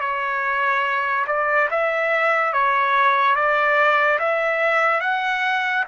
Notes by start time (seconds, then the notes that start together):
0.00 C#5
1.27 D5
1.70 E5
2.53 C#5
3.35 D5
4.19 E5
5.00 F#5